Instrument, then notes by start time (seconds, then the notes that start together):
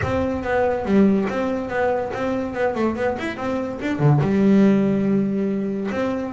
double bass
0.02 C4
0.43 B3
0.85 G3
1.29 C4
1.69 B3
2.13 C4
2.54 B3
2.74 A3
2.95 B3
3.18 E4
3.36 C4
3.81 D4
3.99 D3
4.21 G3
5.91 C4